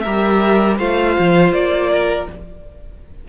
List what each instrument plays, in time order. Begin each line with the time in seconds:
0.00 cello G3, viola G4, violin A#4 E5
0.77 cello A3, viola F4, violin C5 F5
1.18 cello F3
1.52 cello A#3, violin D5
1.91 violin A#4